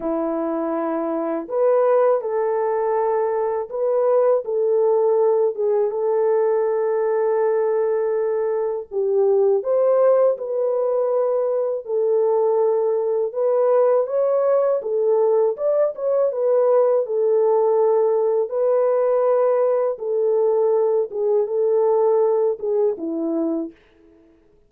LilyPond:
\new Staff \with { instrumentName = "horn" } { \time 4/4 \tempo 4 = 81 e'2 b'4 a'4~ | a'4 b'4 a'4. gis'8 | a'1 | g'4 c''4 b'2 |
a'2 b'4 cis''4 | a'4 d''8 cis''8 b'4 a'4~ | a'4 b'2 a'4~ | a'8 gis'8 a'4. gis'8 e'4 | }